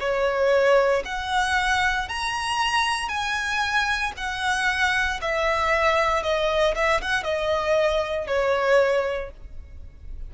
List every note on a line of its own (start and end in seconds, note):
0.00 1.03 C#5
1.05 2.09 F#5
2.09 3.09 A#5
3.09 4.12 G#5
4.17 5.21 F#5
5.21 6.23 E5
6.23 6.75 D#5
6.75 7.01 E5
7.02 7.24 F#5
7.24 8.27 D#5
8.27 9.31 C#5